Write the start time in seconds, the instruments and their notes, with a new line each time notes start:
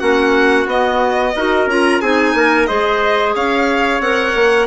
0.00 bassoon A#3, clarinet C#4, trumpet F#4, violin F#5
0.67 bassoon B3, clarinet B3, violin D#5
1.37 bassoon D#4, clarinet F#4, trumpet A#4
1.66 bassoon C#4, clarinet F4, violin A#5
2.01 bassoon C4, clarinet D#4, trumpet G#4, violin G#5
2.35 bassoon A#3, trumpet A#4
2.66 bassoon G#3, clarinet G#4, trumpet C5, violin D#5
3.36 bassoon C#4, trumpet C#5, violin F5
4.00 bassoon C4, clarinet A#4, violin F#5
4.35 bassoon A#3